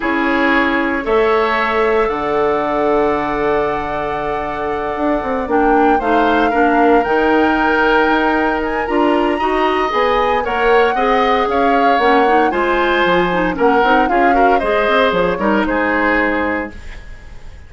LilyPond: <<
  \new Staff \with { instrumentName = "flute" } { \time 4/4 \tempo 4 = 115 cis''2 e''2 | fis''1~ | fis''2~ fis''8 g''4 f''8~ | f''4. g''2~ g''8~ |
g''8 gis''8 ais''2 gis''4 | fis''2 f''4 fis''4 | gis''2 fis''4 f''4 | dis''4 cis''4 c''2 | }
  \new Staff \with { instrumentName = "oboe" } { \time 4/4 gis'2 cis''2 | d''1~ | d''2.~ d''8 c''8~ | c''8 ais'2.~ ais'8~ |
ais'2 dis''2 | cis''4 dis''4 cis''2 | c''2 ais'4 gis'8 ais'8 | c''4. ais'8 gis'2 | }
  \new Staff \with { instrumentName = "clarinet" } { \time 4/4 e'2 a'2~ | a'1~ | a'2~ a'8 d'4 dis'8~ | dis'8 d'4 dis'2~ dis'8~ |
dis'4 f'4 fis'4 gis'4 | ais'4 gis'2 cis'8 dis'8 | f'4. dis'8 cis'8 dis'8 f'8 fis'8 | gis'4. dis'2~ dis'8 | }
  \new Staff \with { instrumentName = "bassoon" } { \time 4/4 cis'2 a2 | d1~ | d4. d'8 c'8 ais4 a8~ | a8 ais4 dis2 dis'8~ |
dis'4 d'4 dis'4 b4 | ais4 c'4 cis'4 ais4 | gis4 f4 ais8 c'8 cis'4 | gis8 c'8 f8 g8 gis2 | }
>>